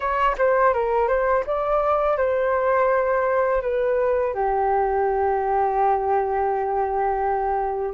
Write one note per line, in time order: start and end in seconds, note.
0.00 0.35 C#5
0.37 0.73 C5
0.73 1.07 A#4
1.07 1.44 C5
1.46 2.17 D5
2.17 3.61 C5
3.61 4.33 B4
4.33 7.94 G4